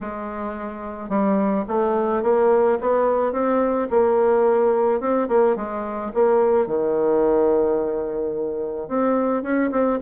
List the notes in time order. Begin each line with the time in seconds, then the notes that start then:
0.00 G#3
1.09 G3
1.68 A3
2.22 A#3
2.80 B3
3.32 C4
3.90 A#3
5.00 C4
5.28 A#3
5.56 G#3
6.14 A#3
6.67 D#3
8.88 C4
9.42 C#4
9.71 C4